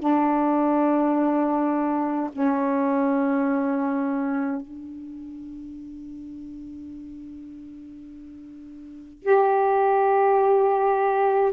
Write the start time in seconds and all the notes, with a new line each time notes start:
0.00 D4
2.33 C#4
4.62 D4
9.23 G4